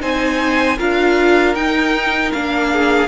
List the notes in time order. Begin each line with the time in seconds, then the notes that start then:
0.00 C4 D#4 C5 G#5
0.77 D4 F4 A#4 F5
1.54 D#4 G5
2.32 A#3 D4 F5
2.72 G#4